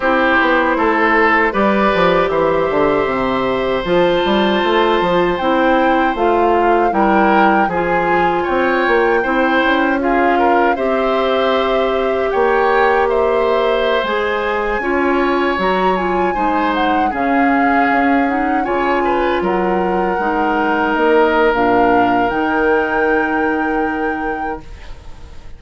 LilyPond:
<<
  \new Staff \with { instrumentName = "flute" } { \time 4/4 \tempo 4 = 78 c''2 d''4 e''4~ | e''4 a''2 g''4 | f''4 g''4 gis''4 g''4~ | g''4 f''4 e''2 |
g''4 e''4~ e''16 gis''4.~ gis''16~ | gis''16 ais''8 gis''4 fis''8 f''4. fis''16~ | fis''16 gis''4 fis''2 dis''8. | f''4 g''2. | }
  \new Staff \with { instrumentName = "oboe" } { \time 4/4 g'4 a'4 b'4 c''4~ | c''1~ | c''4 ais'4 gis'4 cis''4 | c''4 gis'8 ais'8 c''2 |
cis''4 c''2~ c''16 cis''8.~ | cis''4~ cis''16 c''4 gis'4.~ gis'16~ | gis'16 cis''8 b'8 ais'2~ ais'8.~ | ais'1 | }
  \new Staff \with { instrumentName = "clarinet" } { \time 4/4 e'2 g'2~ | g'4 f'2 e'4 | f'4 e'4 f'2 | e'4 f'4 g'2~ |
g'2~ g'16 gis'4 f'8.~ | f'16 fis'8 f'8 dis'4 cis'4. dis'16~ | dis'16 f'2 dis'4.~ dis'16 | d'4 dis'2. | }
  \new Staff \with { instrumentName = "bassoon" } { \time 4/4 c'8 b8 a4 g8 f8 e8 d8 | c4 f8 g8 a8 f8 c'4 | a4 g4 f4 c'8 ais8 | c'8 cis'4. c'2 |
ais2~ ais16 gis4 cis'8.~ | cis'16 fis4 gis4 cis4 cis'8.~ | cis'16 cis4 fis4 gis4 ais8. | ais,4 dis2. | }
>>